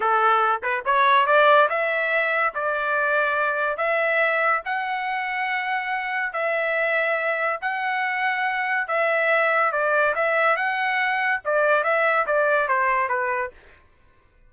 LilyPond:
\new Staff \with { instrumentName = "trumpet" } { \time 4/4 \tempo 4 = 142 a'4. b'8 cis''4 d''4 | e''2 d''2~ | d''4 e''2 fis''4~ | fis''2. e''4~ |
e''2 fis''2~ | fis''4 e''2 d''4 | e''4 fis''2 d''4 | e''4 d''4 c''4 b'4 | }